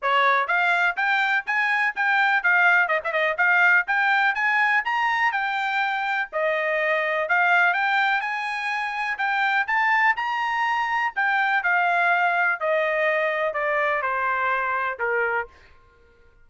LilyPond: \new Staff \with { instrumentName = "trumpet" } { \time 4/4 \tempo 4 = 124 cis''4 f''4 g''4 gis''4 | g''4 f''4 dis''16 e''16 dis''8 f''4 | g''4 gis''4 ais''4 g''4~ | g''4 dis''2 f''4 |
g''4 gis''2 g''4 | a''4 ais''2 g''4 | f''2 dis''2 | d''4 c''2 ais'4 | }